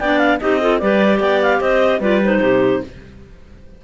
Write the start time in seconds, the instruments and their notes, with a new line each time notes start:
0.00 cello B3, clarinet D4 D5 G5
0.19 clarinet F5
0.40 cello C4, clarinet D#4 G4 D#5
0.61 clarinet F4 A4
0.79 cello G3, clarinet G4 B4 D5
1.18 cello B3, clarinet D5 G5
1.42 clarinet F5
1.61 cello C4, clarinet C5 D#5
2.00 cello G3, clarinet F4 B4 D5
2.24 clarinet D#4 C5
2.41 cello C3, clarinet G4